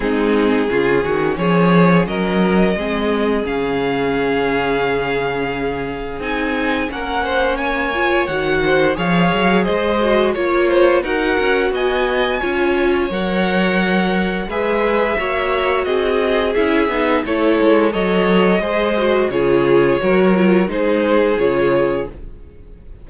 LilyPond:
<<
  \new Staff \with { instrumentName = "violin" } { \time 4/4 \tempo 4 = 87 gis'2 cis''4 dis''4~ | dis''4 f''2.~ | f''4 gis''4 fis''4 gis''4 | fis''4 f''4 dis''4 cis''4 |
fis''4 gis''2 fis''4~ | fis''4 e''2 dis''4 | e''4 cis''4 dis''2 | cis''2 c''4 cis''4 | }
  \new Staff \with { instrumentName = "violin" } { \time 4/4 dis'4 f'8 fis'8 gis'4 ais'4 | gis'1~ | gis'2 ais'8 c''8 cis''4~ | cis''8 c''8 cis''4 c''4 cis''8 c''8 |
ais'4 dis''4 cis''2~ | cis''4 b'4 cis''4 gis'4~ | gis'4 a'4 cis''4 c''4 | gis'4 ais'4 gis'2 | }
  \new Staff \with { instrumentName = "viola" } { \time 4/4 c'4 cis'2. | c'4 cis'2.~ | cis'4 dis'4 cis'4. f'8 | fis'4 gis'4. fis'8 f'4 |
fis'2 f'4 ais'4~ | ais'4 gis'4 fis'2 | e'8 dis'8 e'4 a'4 gis'8 fis'8 | f'4 fis'8 f'8 dis'4 f'4 | }
  \new Staff \with { instrumentName = "cello" } { \time 4/4 gis4 cis8 dis8 f4 fis4 | gis4 cis2.~ | cis4 c'4 ais2 | dis4 f8 fis8 gis4 ais4 |
dis'8 cis'8 b4 cis'4 fis4~ | fis4 gis4 ais4 c'4 | cis'8 b8 a8 gis8 fis4 gis4 | cis4 fis4 gis4 cis4 | }
>>